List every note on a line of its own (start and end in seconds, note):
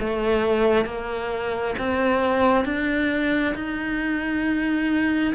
0.00 0.86 A3
0.86 1.75 A#3
1.79 2.65 C4
2.65 3.55 D4
3.55 5.34 D#4